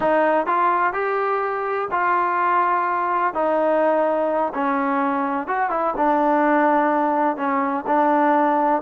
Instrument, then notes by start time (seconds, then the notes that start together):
trombone
0.00 D#4
0.46 F4
0.93 G4
1.91 F4
3.33 D#4
4.53 C#4
5.47 F#4
5.70 E4
5.96 D4
7.36 C#4
7.86 D4